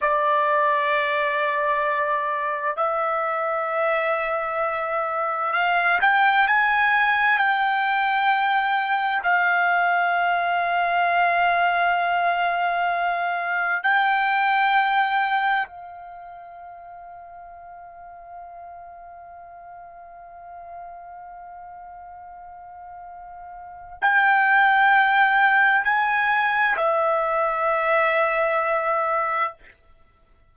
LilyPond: \new Staff \with { instrumentName = "trumpet" } { \time 4/4 \tempo 4 = 65 d''2. e''4~ | e''2 f''8 g''8 gis''4 | g''2 f''2~ | f''2. g''4~ |
g''4 f''2.~ | f''1~ | f''2 g''2 | gis''4 e''2. | }